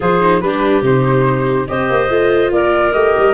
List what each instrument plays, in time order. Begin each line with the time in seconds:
0.00 tuba F3, viola F4, clarinet G#4, flute C5
0.20 viola D#4
0.40 tuba G3, viola D4, clarinet G4, flute B4
0.82 tuba C3, viola D#4, flute C5
1.67 tuba C4, viola G4, clarinet C5, flute D#5
1.90 tuba A#3
2.08 tuba A3, viola F4
2.51 tuba A#3, clarinet A#4, flute D5
2.92 tuba A3, viola G4, flute D#5
3.17 tuba G3